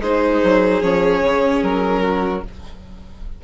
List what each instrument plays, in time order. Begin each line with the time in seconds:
0.00 bassoon G#3, viola D#4, violin G#4 C5
0.44 bassoon F#3
0.82 bassoon F3, viola C#4, violin C#5
1.21 bassoon C#3
1.63 bassoon F#3, violin A#4
2.02 violin F#4